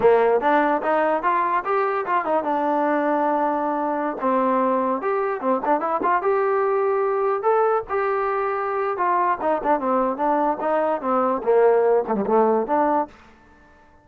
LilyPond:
\new Staff \with { instrumentName = "trombone" } { \time 4/4 \tempo 4 = 147 ais4 d'4 dis'4 f'4 | g'4 f'8 dis'8 d'2~ | d'2~ d'16 c'4.~ c'16~ | c'16 g'4 c'8 d'8 e'8 f'8 g'8.~ |
g'2~ g'16 a'4 g'8.~ | g'2 f'4 dis'8 d'8 | c'4 d'4 dis'4 c'4 | ais4. a16 g16 a4 d'4 | }